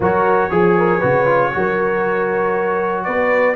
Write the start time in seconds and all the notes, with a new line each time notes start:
0.00 F#3 F#4 A#4 C#5
0.50 F3 G#4
0.78 A#4
0.98 C#3 F#4 B4
1.26 F4
1.52 F#3 F#4 A#4
3.04 B3 B4 D5